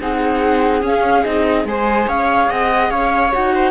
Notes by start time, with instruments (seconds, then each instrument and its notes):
0.00 cello C4, viola D#4 G#4, flute F#5
0.82 viola C#4, cello C#4, flute F5
1.24 cello C4, viola D#4, flute D#5
1.65 cello G#3, viola G#4 C5, flute G#5
2.08 cello C#4, viola C#5, flute F5
2.50 cello C4, viola D#5, flute F#5
2.91 cello C#4, viola C#5, flute F5
3.33 cello D#4, viola F#4, flute F#5
3.55 viola C5